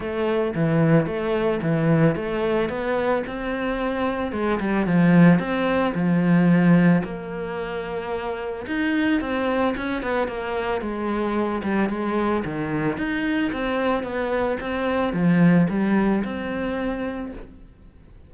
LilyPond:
\new Staff \with { instrumentName = "cello" } { \time 4/4 \tempo 4 = 111 a4 e4 a4 e4 | a4 b4 c'2 | gis8 g8 f4 c'4 f4~ | f4 ais2. |
dis'4 c'4 cis'8 b8 ais4 | gis4. g8 gis4 dis4 | dis'4 c'4 b4 c'4 | f4 g4 c'2 | }